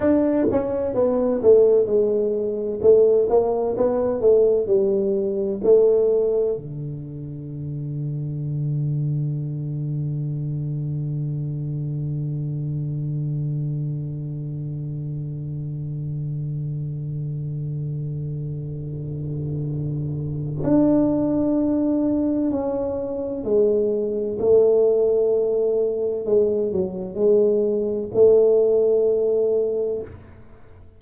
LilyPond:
\new Staff \with { instrumentName = "tuba" } { \time 4/4 \tempo 4 = 64 d'8 cis'8 b8 a8 gis4 a8 ais8 | b8 a8 g4 a4 d4~ | d1~ | d1~ |
d1~ | d2 d'2 | cis'4 gis4 a2 | gis8 fis8 gis4 a2 | }